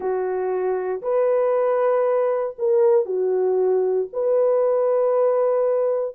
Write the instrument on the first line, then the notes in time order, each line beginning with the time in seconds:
horn
0.00 F#4
1.02 B4
2.58 A#4
3.05 F#4
4.13 B4